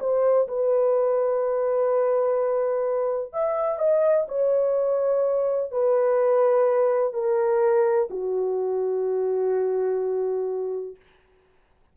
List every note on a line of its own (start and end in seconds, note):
0.00 0.48 C5
0.48 3.33 B4
3.33 3.79 E5
3.79 4.27 D#5
4.29 5.71 C#5
5.71 7.13 B4
7.13 8.09 A#4
8.10 10.96 F#4